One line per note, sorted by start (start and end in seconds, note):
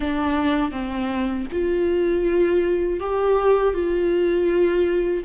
0.00 0.71 D4
0.71 1.46 C4
1.52 3.00 F4
3.00 3.74 G4
3.74 5.24 F4